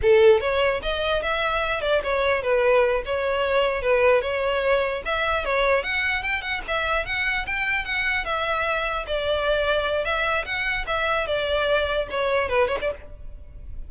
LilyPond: \new Staff \with { instrumentName = "violin" } { \time 4/4 \tempo 4 = 149 a'4 cis''4 dis''4 e''4~ | e''8 d''8 cis''4 b'4. cis''8~ | cis''4. b'4 cis''4.~ | cis''8 e''4 cis''4 fis''4 g''8 |
fis''8 e''4 fis''4 g''4 fis''8~ | fis''8 e''2 d''4.~ | d''4 e''4 fis''4 e''4 | d''2 cis''4 b'8 cis''16 d''16 | }